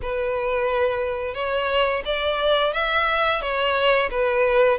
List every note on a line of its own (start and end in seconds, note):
0.02 1.34 B4
1.34 2.02 C#5
2.05 2.73 D5
2.73 3.41 E5
3.41 4.09 C#5
4.10 4.78 B4